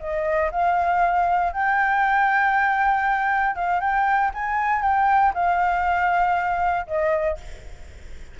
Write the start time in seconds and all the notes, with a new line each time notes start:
0.00 D#5
0.51 F5
1.53 G5
3.56 F5
3.81 G5
4.34 G#5
4.82 G5
5.34 F5
6.87 D#5